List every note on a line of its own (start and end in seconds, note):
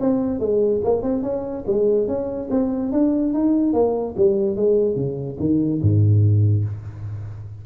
0.00 0.39 C4
0.39 0.81 G#3
0.84 1.02 A#3
1.02 1.22 C4
1.22 1.64 C#4
1.66 2.07 G#3
2.07 2.49 C#4
2.50 2.92 C4
2.92 3.33 D4
3.33 3.73 D#4
3.73 4.14 A#3
4.16 4.55 G3
4.55 4.95 G#3
4.95 5.37 C#3
5.39 5.81 D#3
5.81 6.65 G#2